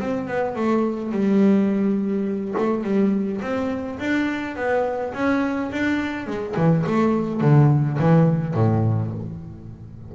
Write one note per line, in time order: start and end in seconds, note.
0.00 0.28 C4
0.28 0.56 B3
0.56 1.12 A3
1.12 2.55 G3
2.58 2.84 A3
2.84 3.41 G3
3.42 3.99 C4
3.99 4.56 D4
4.56 5.14 B3
5.14 5.71 C#4
5.72 6.27 D4
6.27 6.56 G#3
6.57 6.85 E3
6.86 7.41 A3
7.41 7.98 D3
7.99 8.55 E3
8.55 9.12 A2